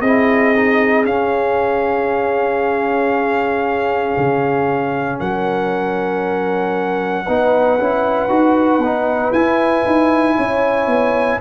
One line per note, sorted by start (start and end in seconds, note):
0.00 1.05 C4
0.00 0.55 E4
0.00 5.17 G#4
0.00 1.04 D#5
0.55 1.05 D#4
1.05 4.15 C#4
1.05 7.26 C#4
1.05 5.19 F5
4.17 5.20 C#3
5.19 7.27 F#3
5.19 7.26 A#4
5.19 9.33 F#5
7.26 7.78 B3
7.26 7.79 D#4
7.26 10.36 B4
7.78 8.29 C#4
7.78 8.29 E4
8.29 8.78 D#4
8.29 8.80 F#4
8.78 9.30 B3
8.78 9.34 D#4
9.32 9.84 E4
9.32 11.41 E4
9.32 11.39 G#5
9.85 10.37 D#4
10.36 10.87 C#4
10.36 11.40 C#5
10.87 11.39 B3